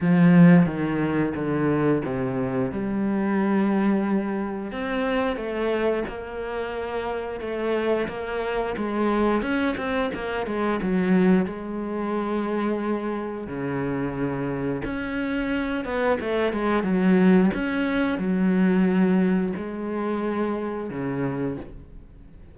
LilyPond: \new Staff \with { instrumentName = "cello" } { \time 4/4 \tempo 4 = 89 f4 dis4 d4 c4 | g2. c'4 | a4 ais2 a4 | ais4 gis4 cis'8 c'8 ais8 gis8 |
fis4 gis2. | cis2 cis'4. b8 | a8 gis8 fis4 cis'4 fis4~ | fis4 gis2 cis4 | }